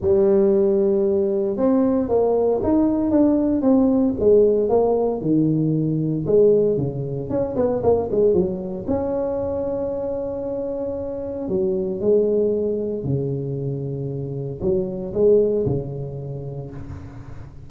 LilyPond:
\new Staff \with { instrumentName = "tuba" } { \time 4/4 \tempo 4 = 115 g2. c'4 | ais4 dis'4 d'4 c'4 | gis4 ais4 dis2 | gis4 cis4 cis'8 b8 ais8 gis8 |
fis4 cis'2.~ | cis'2 fis4 gis4~ | gis4 cis2. | fis4 gis4 cis2 | }